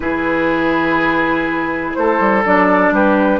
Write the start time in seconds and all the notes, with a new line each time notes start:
0.00 E3 E4 G#4 B4
1.95 A3 A4 C5
2.19 G3
2.45 F#3 D4 D5
2.91 G3 G4 B4